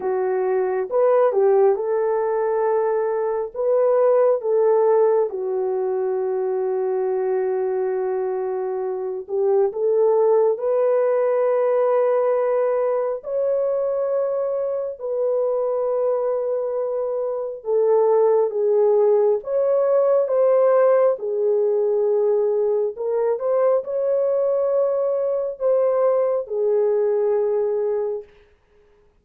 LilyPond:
\new Staff \with { instrumentName = "horn" } { \time 4/4 \tempo 4 = 68 fis'4 b'8 g'8 a'2 | b'4 a'4 fis'2~ | fis'2~ fis'8 g'8 a'4 | b'2. cis''4~ |
cis''4 b'2. | a'4 gis'4 cis''4 c''4 | gis'2 ais'8 c''8 cis''4~ | cis''4 c''4 gis'2 | }